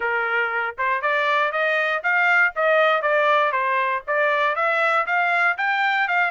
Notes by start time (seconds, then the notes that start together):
0.00 A#4
0.77 C5
1.01 D5
1.51 D#5
2.03 F5
2.55 D#5
3.02 D5
3.52 C5
4.07 D5
4.55 E5
5.06 F5
5.57 G5
6.08 F5